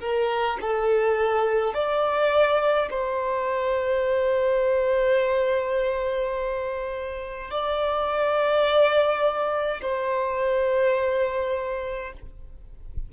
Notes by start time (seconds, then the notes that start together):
0.00 A#4
0.61 A4
1.74 D5
2.90 C5
7.50 D5
9.81 C5